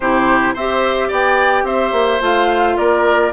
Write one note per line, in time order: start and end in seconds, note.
0.00 0.55 C3
0.00 0.57 E4
0.00 0.54 G4
0.00 0.55 C5
0.54 1.10 C4
0.54 2.20 G4
0.54 1.07 C5
0.54 1.11 E5
1.07 1.63 B3
1.07 1.63 D5
1.07 1.66 G5
1.63 1.91 C4
1.63 2.76 C5
1.63 2.21 E5
1.92 2.20 A#3
2.20 2.76 A3
2.20 3.31 F4
2.20 2.77 F5
2.77 3.33 A#3
2.77 3.32 A#4
2.77 3.33 D5